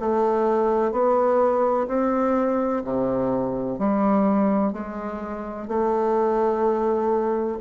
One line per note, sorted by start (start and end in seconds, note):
0.00 0.92 A3
0.92 1.87 B3
1.87 2.83 C4
2.84 3.79 C3
3.79 4.73 G3
4.73 5.68 G#3
5.68 7.58 A3